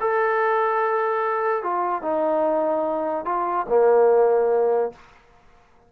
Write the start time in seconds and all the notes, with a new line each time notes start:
0.00 A4
1.63 F4
2.02 D#4
3.25 F4
3.69 A#3